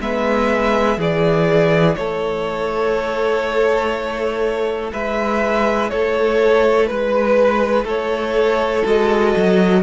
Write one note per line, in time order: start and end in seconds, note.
0.00 0.97 G#3
0.00 0.98 B3
0.00 0.97 B4
0.00 1.00 E5
0.97 1.95 E3
0.97 8.84 E4
0.97 1.96 G#4
0.97 1.95 D5
1.95 4.92 A3
1.95 4.92 A4
1.95 4.90 C#5
4.92 5.91 G#3
4.92 5.91 B4
4.92 5.90 E5
5.90 6.90 A3
5.90 6.89 A4
5.90 6.86 C#5
6.86 7.84 G#3
6.86 7.85 B4
6.86 7.84 B4
7.84 8.82 A3
7.84 9.81 A4
7.84 8.86 C#5
8.84 9.35 G#3
8.84 9.82 F#4
8.84 9.82 D#5
9.36 9.82 F#3